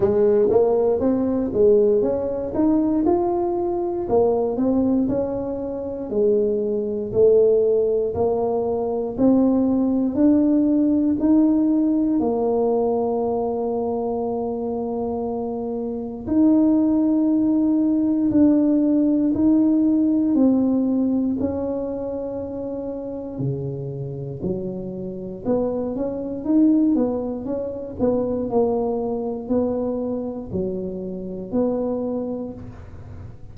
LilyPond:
\new Staff \with { instrumentName = "tuba" } { \time 4/4 \tempo 4 = 59 gis8 ais8 c'8 gis8 cis'8 dis'8 f'4 | ais8 c'8 cis'4 gis4 a4 | ais4 c'4 d'4 dis'4 | ais1 |
dis'2 d'4 dis'4 | c'4 cis'2 cis4 | fis4 b8 cis'8 dis'8 b8 cis'8 b8 | ais4 b4 fis4 b4 | }